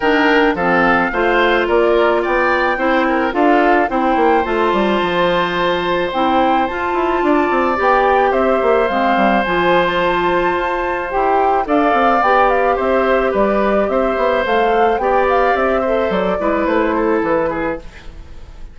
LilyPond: <<
  \new Staff \with { instrumentName = "flute" } { \time 4/4 \tempo 4 = 108 g''4 f''2 d''4 | g''2 f''4 g''4 | a''2. g''4 | a''2 g''4 e''4 |
f''4 gis''8. a''2~ a''16 | g''4 f''4 g''8 f''8 e''4 | d''4 e''4 f''4 g''8 f''8 | e''4 d''4 c''4 b'4 | }
  \new Staff \with { instrumentName = "oboe" } { \time 4/4 ais'4 a'4 c''4 ais'4 | d''4 c''8 ais'8 a'4 c''4~ | c''1~ | c''4 d''2 c''4~ |
c''1~ | c''4 d''2 c''4 | b'4 c''2 d''4~ | d''8 c''4 b'4 a'4 gis'8 | }
  \new Staff \with { instrumentName = "clarinet" } { \time 4/4 d'4 c'4 f'2~ | f'4 e'4 f'4 e'4 | f'2. e'4 | f'2 g'2 |
c'4 f'2. | g'4 a'4 g'2~ | g'2 a'4 g'4~ | g'8 a'4 e'2~ e'8 | }
  \new Staff \with { instrumentName = "bassoon" } { \time 4/4 dis4 f4 a4 ais4 | b4 c'4 d'4 c'8 ais8 | a8 g8 f2 c'4 | f'8 e'8 d'8 c'8 b4 c'8 ais8 |
gis8 g8 f2 f'4 | e'4 d'8 c'8 b4 c'4 | g4 c'8 b8 a4 b4 | c'4 fis8 gis8 a4 e4 | }
>>